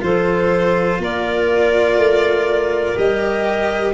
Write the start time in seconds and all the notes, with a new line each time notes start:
0.00 F3 F4 A4 C5
0.98 A#3 A#4 D5
1.97 A3
2.96 G3 G4 D#5